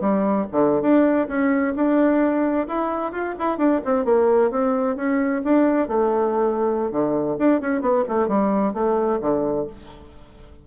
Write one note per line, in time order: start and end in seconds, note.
0.00 0.46 G3
0.51 0.82 D3
0.82 1.27 D4
1.28 1.74 C#4
1.75 2.67 D4
2.67 3.12 E4
3.12 3.35 F4
3.38 3.57 E4
3.57 3.80 D4
3.84 4.05 C4
4.05 4.51 A#3
4.51 4.96 C4
4.96 5.41 C#4
5.44 5.88 D4
5.88 6.91 A3
6.91 7.37 D3
7.38 7.61 D4
7.61 7.81 C#4
7.81 8.04 B3
8.08 8.28 A3
8.28 8.73 G3
8.73 9.19 A3
9.21 9.66 D3